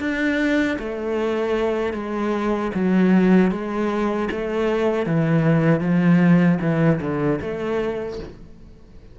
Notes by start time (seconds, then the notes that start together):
0.00 D4
0.79 A3
1.94 G#3
2.75 F#3
3.51 G#3
4.31 A3
5.06 E3
5.81 F3
6.61 E3
7.01 D3
7.42 A3